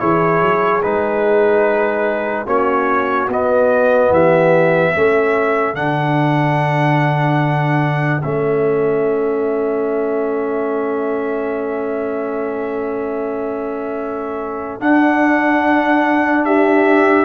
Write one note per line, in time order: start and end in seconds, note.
0.00 0.42 E3
0.00 0.82 E4
0.00 2.47 G#4
0.00 0.82 C#5
0.42 0.83 F#3
0.83 2.46 G#3
0.83 2.46 D#4
0.83 2.47 B4
2.46 3.28 A#3
2.46 3.28 C#4
2.46 4.11 F#4
2.46 3.29 C#5
3.28 4.10 B3
3.28 4.96 B3
3.28 4.13 D#5
4.10 4.92 E3
4.10 4.93 G4
4.10 5.76 E5
4.93 5.74 A3
4.93 5.75 C#4
4.93 16.43 A4
5.74 8.21 D3
5.74 8.22 D4
5.74 8.22 F#5
8.22 14.80 A3
8.22 14.81 C#4
8.22 14.79 E5
14.80 17.25 D4
14.80 16.45 F#5
16.45 17.25 G4
16.45 17.25 E5